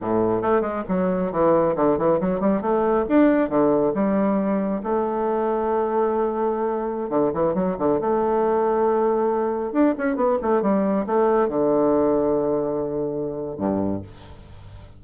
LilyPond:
\new Staff \with { instrumentName = "bassoon" } { \time 4/4 \tempo 4 = 137 a,4 a8 gis8 fis4 e4 | d8 e8 fis8 g8 a4 d'4 | d4 g2 a4~ | a1~ |
a16 d8 e8 fis8 d8 a4.~ a16~ | a2~ a16 d'8 cis'8 b8 a16~ | a16 g4 a4 d4.~ d16~ | d2. g,4 | }